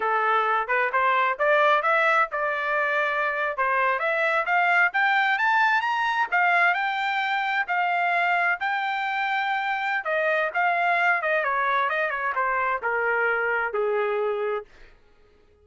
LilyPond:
\new Staff \with { instrumentName = "trumpet" } { \time 4/4 \tempo 4 = 131 a'4. b'8 c''4 d''4 | e''4 d''2~ d''8. c''16~ | c''8. e''4 f''4 g''4 a''16~ | a''8. ais''4 f''4 g''4~ g''16~ |
g''8. f''2 g''4~ g''16~ | g''2 dis''4 f''4~ | f''8 dis''8 cis''4 dis''8 cis''8 c''4 | ais'2 gis'2 | }